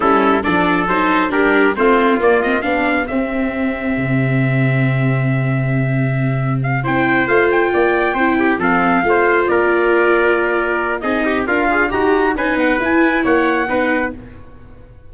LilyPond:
<<
  \new Staff \with { instrumentName = "trumpet" } { \time 4/4 \tempo 4 = 136 a'4 d''4 c''4 ais'4 | c''4 d''8 dis''8 f''4 e''4~ | e''1~ | e''2. f''8 g''8~ |
g''8 f''8 g''2~ g''8 f''8~ | f''4. d''2~ d''8~ | d''4 dis''4 f''4 ais''4 | gis''8 fis''8 gis''4 fis''2 | }
  \new Staff \with { instrumentName = "trumpet" } { \time 4/4 e'4 a'2 g'4 | f'2 g'2~ | g'1~ | g'2.~ g'8 c''8~ |
c''4. d''4 c''8 g'8 a'8~ | a'8 c''4 ais'2~ ais'8~ | ais'4 gis'8 g'8 f'4 fis'4 | b'2 cis''4 b'4 | }
  \new Staff \with { instrumentName = "viola" } { \time 4/4 cis'4 d'4 dis'4 d'4 | c'4 ais8 c'8 d'4 c'4~ | c'1~ | c'2.~ c'8 e'8~ |
e'8 f'2 e'4 c'8~ | c'8 f'2.~ f'8~ | f'4 dis'4 ais'8 gis'8 g'4 | dis'4 e'2 dis'4 | }
  \new Staff \with { instrumentName = "tuba" } { \time 4/4 g4 f4 fis4 g4 | a4 ais4 b4 c'4~ | c'4 c2.~ | c2.~ c8 c'8~ |
c'8 a4 ais4 c'4 f8~ | f8 a4 ais2~ ais8~ | ais4 c'4 d'4 dis'4 | cis'8 b8 e'4 ais4 b4 | }
>>